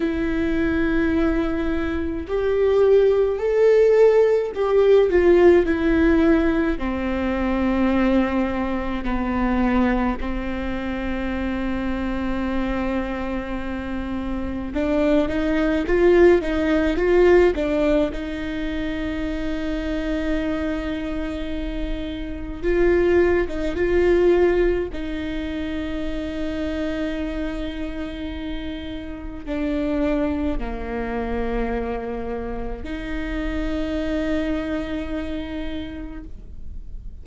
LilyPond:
\new Staff \with { instrumentName = "viola" } { \time 4/4 \tempo 4 = 53 e'2 g'4 a'4 | g'8 f'8 e'4 c'2 | b4 c'2.~ | c'4 d'8 dis'8 f'8 dis'8 f'8 d'8 |
dis'1 | f'8. dis'16 f'4 dis'2~ | dis'2 d'4 ais4~ | ais4 dis'2. | }